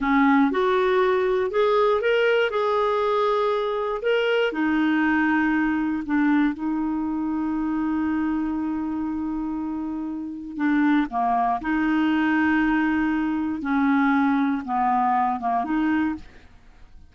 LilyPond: \new Staff \with { instrumentName = "clarinet" } { \time 4/4 \tempo 4 = 119 cis'4 fis'2 gis'4 | ais'4 gis'2. | ais'4 dis'2. | d'4 dis'2.~ |
dis'1~ | dis'4 d'4 ais4 dis'4~ | dis'2. cis'4~ | cis'4 b4. ais8 dis'4 | }